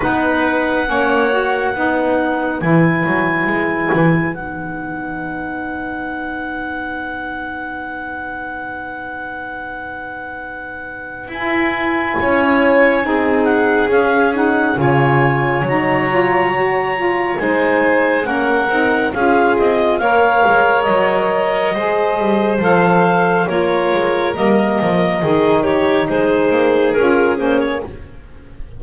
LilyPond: <<
  \new Staff \with { instrumentName = "clarinet" } { \time 4/4 \tempo 4 = 69 fis''2. gis''4~ | gis''4 fis''2.~ | fis''1~ | fis''4 gis''2~ gis''8 fis''8 |
f''8 fis''8 gis''4 ais''2 | gis''4 fis''4 f''8 dis''8 f''4 | dis''2 f''4 cis''4 | dis''4. cis''8 c''4 ais'8 c''16 cis''16 | }
  \new Staff \with { instrumentName = "violin" } { \time 4/4 b'4 cis''4 b'2~ | b'1~ | b'1~ | b'2 cis''4 gis'4~ |
gis'4 cis''2. | c''4 ais'4 gis'4 cis''4~ | cis''4 c''2 ais'4~ | ais'4 gis'8 g'8 gis'2 | }
  \new Staff \with { instrumentName = "saxophone" } { \time 4/4 dis'4 cis'8 fis'8 dis'4 e'4~ | e'4 dis'2.~ | dis'1~ | dis'4 e'2 dis'4 |
cis'8 dis'8 f'4 dis'8 f'8 fis'8 f'8 | dis'4 cis'8 dis'8 f'4 ais'4~ | ais'4 gis'4 a'4 f'4 | ais4 dis'2 f'8 cis'8 | }
  \new Staff \with { instrumentName = "double bass" } { \time 4/4 b4 ais4 b4 e8 fis8 | gis8 e8 b2.~ | b1~ | b4 e'4 cis'4 c'4 |
cis'4 cis4 fis2 | gis4 ais8 c'8 cis'8 c'8 ais8 gis8 | fis4 gis8 g8 f4 ais8 gis8 | g8 f8 dis4 gis8 ais8 cis'8 ais8 | }
>>